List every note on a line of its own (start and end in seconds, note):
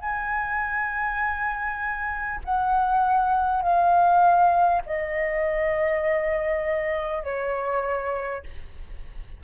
0.00 2.40 G#5
2.44 3.62 F#5
3.62 4.82 F5
4.85 7.23 D#5
7.23 8.43 C#5